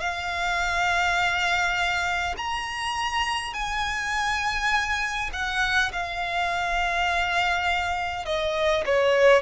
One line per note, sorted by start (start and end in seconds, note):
0.00 2.35 F5
2.37 3.54 A#5
3.54 5.30 G#5
5.33 5.92 F#5
5.93 8.25 F5
8.25 8.84 D#5
8.86 9.42 C#5